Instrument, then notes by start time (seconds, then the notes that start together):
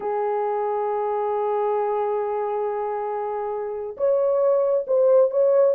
horn
0.00 G#4
3.97 C#5
4.87 C5
5.31 C#5